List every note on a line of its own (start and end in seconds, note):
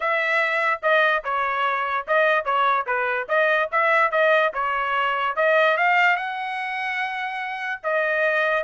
0.00 0.80 E5
0.82 1.23 D#5
1.24 2.06 C#5
2.07 2.44 D#5
2.44 2.85 C#5
2.86 3.27 B4
3.28 3.69 D#5
3.71 4.11 E5
4.11 4.52 D#5
4.53 5.35 C#5
5.36 5.77 D#5
5.77 6.16 F5
6.16 7.80 F#5
7.83 8.63 D#5